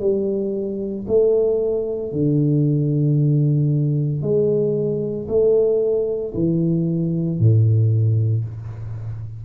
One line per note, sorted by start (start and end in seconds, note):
0.00 1.05 G3
1.08 2.12 A3
2.12 4.22 D3
4.22 5.27 G#3
5.28 6.33 A3
6.34 7.39 E3
7.39 8.44 A2